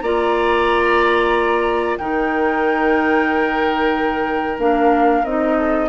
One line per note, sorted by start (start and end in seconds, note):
0.00 1.97 A#3
0.00 1.99 F4
0.00 1.98 D5
0.00 1.96 A#5
1.97 4.58 D#3
1.97 4.58 D#4
1.97 5.58 A#4
1.97 4.58 G5
4.58 5.23 A#3
4.58 5.24 D4
4.58 5.24 F5
5.24 5.88 C4
5.24 5.88 D#4
5.24 5.88 D#5
5.58 5.88 A4